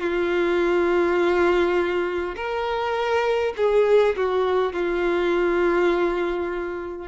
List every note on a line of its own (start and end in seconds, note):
0.00 2.35 F4
2.36 3.53 A#4
3.57 4.16 G#4
4.17 4.73 F#4
4.73 7.07 F4